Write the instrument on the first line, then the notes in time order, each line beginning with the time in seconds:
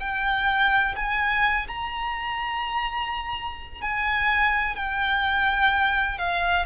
violin
0.00 G5
0.96 G#5
1.68 A#5
3.82 G#5
4.76 G5
6.19 F5